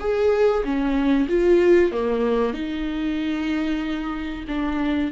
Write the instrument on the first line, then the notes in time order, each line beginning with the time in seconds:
viola
0.00 G#4
0.64 C#4
1.29 F4
1.92 A#3
2.54 D#4
4.48 D4